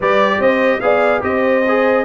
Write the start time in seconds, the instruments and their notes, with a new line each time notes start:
0.00 tuba G3, trombone G4, horn B4, trumpet D5
0.39 tuba C4, horn C5, trumpet D#5
0.80 tuba B3, trombone G#4, horn D5, trumpet F5
1.22 tuba C4, trombone G4, horn C5, trumpet D#5
1.68 trombone G#4